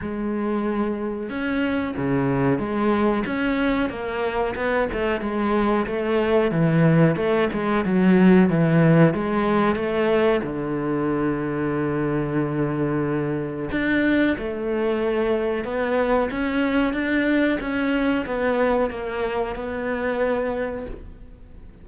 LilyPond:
\new Staff \with { instrumentName = "cello" } { \time 4/4 \tempo 4 = 92 gis2 cis'4 cis4 | gis4 cis'4 ais4 b8 a8 | gis4 a4 e4 a8 gis8 | fis4 e4 gis4 a4 |
d1~ | d4 d'4 a2 | b4 cis'4 d'4 cis'4 | b4 ais4 b2 | }